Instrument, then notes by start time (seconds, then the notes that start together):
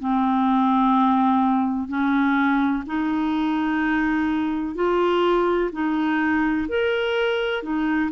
clarinet
0.00 C4
1.89 C#4
2.87 D#4
4.76 F4
5.73 D#4
6.69 A#4
7.63 D#4